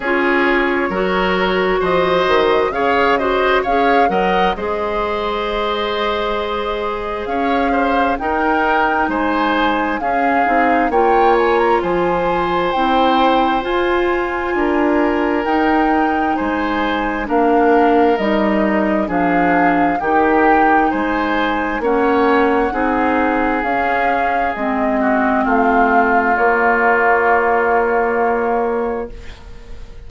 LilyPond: <<
  \new Staff \with { instrumentName = "flute" } { \time 4/4 \tempo 4 = 66 cis''2 dis''4 f''8 dis''8 | f''8 fis''8 dis''2. | f''4 g''4 gis''4 f''4 | g''8 gis''16 ais''16 gis''4 g''4 gis''4~ |
gis''4 g''4 gis''4 f''4 | dis''4 f''4 g''4 gis''4 | fis''2 f''4 dis''4 | f''4 cis''2. | }
  \new Staff \with { instrumentName = "oboe" } { \time 4/4 gis'4 ais'4 c''4 cis''8 c''8 | cis''8 dis''8 c''2. | cis''8 c''8 ais'4 c''4 gis'4 | cis''4 c''2. |
ais'2 c''4 ais'4~ | ais'4 gis'4 g'4 c''4 | cis''4 gis'2~ gis'8 fis'8 | f'1 | }
  \new Staff \with { instrumentName = "clarinet" } { \time 4/4 f'4 fis'2 gis'8 fis'8 | gis'8 ais'8 gis'2.~ | gis'4 dis'2 cis'8 dis'8 | f'2 e'4 f'4~ |
f'4 dis'2 d'4 | dis'4 d'4 dis'2 | cis'4 dis'4 cis'4 c'4~ | c'4 ais2. | }
  \new Staff \with { instrumentName = "bassoon" } { \time 4/4 cis'4 fis4 f8 dis8 cis4 | cis'8 fis8 gis2. | cis'4 dis'4 gis4 cis'8 c'8 | ais4 f4 c'4 f'4 |
d'4 dis'4 gis4 ais4 | g4 f4 dis4 gis4 | ais4 c'4 cis'4 gis4 | a4 ais2. | }
>>